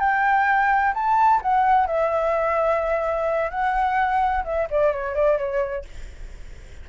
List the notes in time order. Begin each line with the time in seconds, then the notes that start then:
0.00 G5
0.94 A5
1.43 F#5
1.87 E5
3.51 F#5
4.45 E5
4.71 D5
4.93 C#5
5.15 D5
5.38 C#5